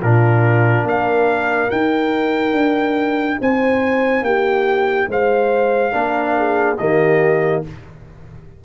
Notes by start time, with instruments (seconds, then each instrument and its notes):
0.00 tuba A#2, trombone D4, horn F4, trumpet A#4
0.83 tuba A#3, horn A#4, trumpet F5
1.69 trombone D#4, tuba D#4, trumpet G5
2.52 tuba D4
3.40 tuba C4, horn C5, trumpet G#5
4.21 tuba A#3, horn G4, trumpet G5
5.07 tuba G#3, horn C5, trumpet F5
5.91 tuba A#3, trombone D4, horn A#4
6.37 horn G#4
6.77 tuba D#3, trombone A#3, horn G4, trumpet D#5